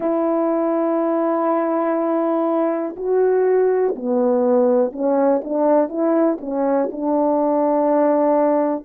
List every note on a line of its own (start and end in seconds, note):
0.00 2.95 E4
2.96 3.94 F#4
3.95 4.92 B3
4.92 5.41 C#4
5.44 5.88 D4
5.88 6.38 E4
6.40 6.89 C#4
6.91 8.84 D4